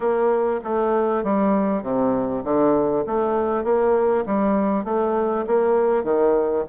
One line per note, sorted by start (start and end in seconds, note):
0.00 0.60 A#3
0.64 1.23 A3
1.23 1.82 G3
1.82 2.43 C3
2.44 3.04 D3
3.06 3.64 A3
3.64 4.24 A#3
4.26 4.84 G3
4.84 5.45 A3
5.47 6.03 A#3
6.03 6.64 D#3